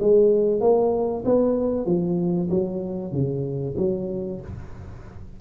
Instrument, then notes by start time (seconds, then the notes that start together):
tuba
0.00 G#3
0.61 A#3
1.25 B3
1.86 F3
2.50 F#3
3.13 C#3
3.78 F#3